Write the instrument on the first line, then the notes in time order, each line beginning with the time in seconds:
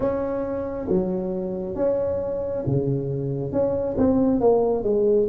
tuba
0.00 C#4
0.88 F#3
1.75 C#4
2.66 C#3
3.52 C#4
3.97 C4
4.40 A#3
4.83 G#3